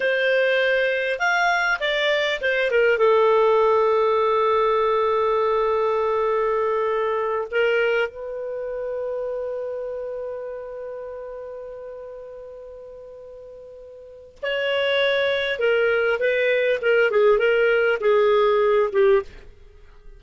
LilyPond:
\new Staff \with { instrumentName = "clarinet" } { \time 4/4 \tempo 4 = 100 c''2 f''4 d''4 | c''8 ais'8 a'2.~ | a'1~ | a'8 ais'4 b'2~ b'8~ |
b'1~ | b'1 | cis''2 ais'4 b'4 | ais'8 gis'8 ais'4 gis'4. g'8 | }